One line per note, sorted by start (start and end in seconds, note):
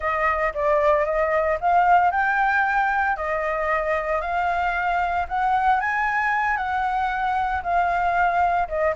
0.00 0.53 D#5
0.54 1.05 D5
1.05 1.58 D#5
1.60 2.11 F5
2.11 3.16 G5
3.16 4.21 D#5
4.21 5.26 F5
5.28 5.80 F#5
5.80 6.56 G#5
6.56 7.62 F#5
7.62 8.67 F5
8.68 8.94 D#5